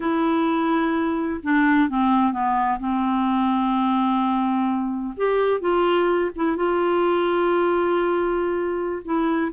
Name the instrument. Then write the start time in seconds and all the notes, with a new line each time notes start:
clarinet
0.00 E4
1.43 D4
1.89 C4
2.32 B3
2.79 C4
5.16 G4
5.60 F4
6.35 E4
6.56 F4
9.04 E4